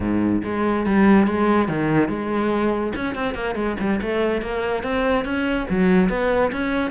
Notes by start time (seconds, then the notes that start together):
0.00 G#2
0.44 G#3
0.85 G3
1.27 G#3
1.68 D#3
2.09 G#3
2.95 C#4
3.15 C4
3.34 A#3
3.55 G#3
3.79 G3
4.01 A3
4.41 A#3
4.83 C4
5.24 C#4
5.69 F#3
6.09 B3
6.51 C#4